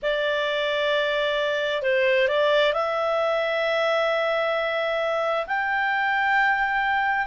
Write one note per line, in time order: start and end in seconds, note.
0.02 1.82 D5
1.82 2.27 C5
2.28 2.73 D5
2.73 5.45 E5
5.46 7.26 G5